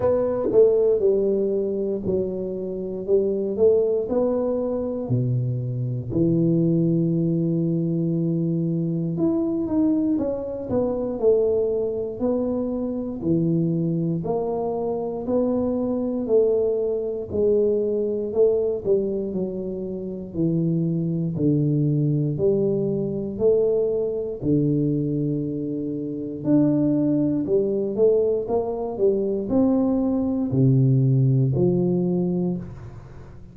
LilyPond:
\new Staff \with { instrumentName = "tuba" } { \time 4/4 \tempo 4 = 59 b8 a8 g4 fis4 g8 a8 | b4 b,4 e2~ | e4 e'8 dis'8 cis'8 b8 a4 | b4 e4 ais4 b4 |
a4 gis4 a8 g8 fis4 | e4 d4 g4 a4 | d2 d'4 g8 a8 | ais8 g8 c'4 c4 f4 | }